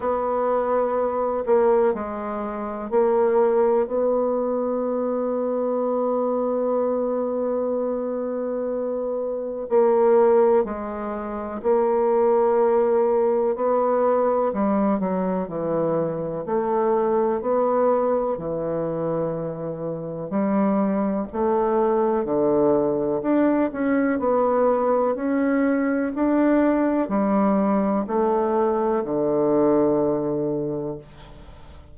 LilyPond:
\new Staff \with { instrumentName = "bassoon" } { \time 4/4 \tempo 4 = 62 b4. ais8 gis4 ais4 | b1~ | b2 ais4 gis4 | ais2 b4 g8 fis8 |
e4 a4 b4 e4~ | e4 g4 a4 d4 | d'8 cis'8 b4 cis'4 d'4 | g4 a4 d2 | }